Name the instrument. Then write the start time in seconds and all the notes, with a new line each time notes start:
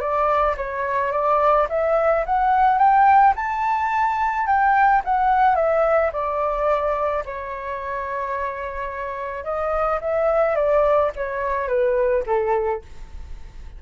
flute
0.00 D5
0.57 C#5
1.12 D5
1.69 E5
2.26 F#5
2.78 G5
3.36 A5
4.46 G5
5.05 F#5
5.56 E5
6.13 D5
7.25 C#5
9.44 D#5
10.01 E5
10.56 D5
11.16 C#5
11.68 B4
12.27 A4